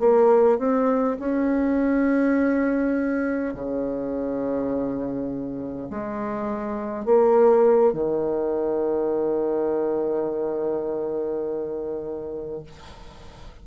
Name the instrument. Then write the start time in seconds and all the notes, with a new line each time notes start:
bassoon
0.00 A#3
0.59 C4
1.19 C#4
3.54 C#3
5.90 G#3
7.05 A#3
7.93 D#3